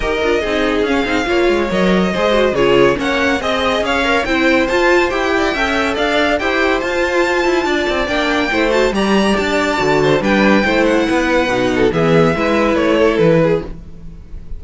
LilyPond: <<
  \new Staff \with { instrumentName = "violin" } { \time 4/4 \tempo 4 = 141 dis''2 f''2 | dis''2 cis''4 fis''4 | dis''4 f''4 g''4 a''4 | g''2 f''4 g''4 |
a''2. g''4~ | g''8 a''8 ais''4 a''2 | g''4. fis''2~ fis''8 | e''2 cis''4 b'4 | }
  \new Staff \with { instrumentName = "violin" } { \time 4/4 ais'4 gis'2 cis''4~ | cis''4 c''4 gis'4 cis''4 | dis''4 cis''4 c''2~ | c''8 d''8 e''4 d''4 c''4~ |
c''2 d''2 | c''4 d''2~ d''8 c''8 | b'4 c''4 b'4. a'8 | gis'4 b'4. a'4 gis'8 | }
  \new Staff \with { instrumentName = "viola" } { \time 4/4 g'8 f'8 dis'4 cis'8 dis'8 f'4 | ais'4 gis'8 fis'8 f'4 cis'4 | gis'4. ais'8 e'4 f'4 | g'4 a'2 g'4 |
f'2. d'4 | e'8 fis'8 g'2 fis'4 | d'4 e'2 dis'4 | b4 e'2. | }
  \new Staff \with { instrumentName = "cello" } { \time 4/4 dis'8 d'8 c'4 cis'8 c'8 ais8 gis8 | fis4 gis4 cis4 ais4 | c'4 cis'4 c'4 f'4 | e'4 cis'4 d'4 e'4 |
f'4. e'8 d'8 c'8 ais4 | a4 g4 d'4 d4 | g4 a4 b4 b,4 | e4 gis4 a4 e4 | }
>>